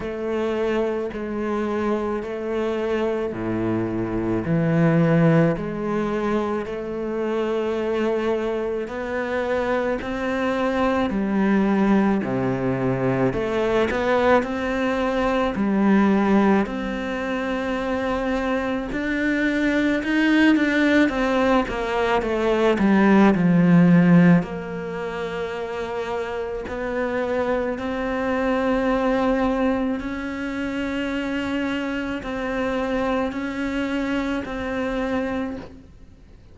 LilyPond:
\new Staff \with { instrumentName = "cello" } { \time 4/4 \tempo 4 = 54 a4 gis4 a4 a,4 | e4 gis4 a2 | b4 c'4 g4 c4 | a8 b8 c'4 g4 c'4~ |
c'4 d'4 dis'8 d'8 c'8 ais8 | a8 g8 f4 ais2 | b4 c'2 cis'4~ | cis'4 c'4 cis'4 c'4 | }